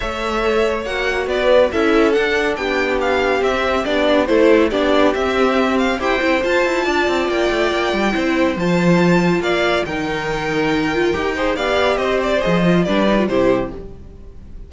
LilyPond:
<<
  \new Staff \with { instrumentName = "violin" } { \time 4/4 \tempo 4 = 140 e''2 fis''4 d''4 | e''4 fis''4 g''4 f''4 | e''4 d''4 c''4 d''4 | e''4. f''8 g''4 a''4~ |
a''4 g''2. | a''2 f''4 g''4~ | g''2. f''4 | dis''8 d''8 dis''4 d''4 c''4 | }
  \new Staff \with { instrumentName = "violin" } { \time 4/4 cis''2. b'4 | a'2 g'2~ | g'2 a'4 g'4~ | g'2 c''2 |
d''2. c''4~ | c''2 d''4 ais'4~ | ais'2~ ais'8 c''8 d''4 | c''2 b'4 g'4 | }
  \new Staff \with { instrumentName = "viola" } { \time 4/4 a'2 fis'2 | e'4 d'2. | c'4 d'4 e'4 d'4 | c'2 g'8 e'8 f'4~ |
f'2. e'4 | f'2. dis'4~ | dis'4. f'8 g'8 gis'8 g'4~ | g'4 gis'8 f'8 d'8 dis'16 f'16 e'4 | }
  \new Staff \with { instrumentName = "cello" } { \time 4/4 a2 ais4 b4 | cis'4 d'4 b2 | c'4 b4 a4 b4 | c'2 e'8 c'8 f'8 e'8 |
d'8 c'8 ais8 a8 ais8 g8 c'4 | f2 ais4 dis4~ | dis2 dis'4 b4 | c'4 f4 g4 c4 | }
>>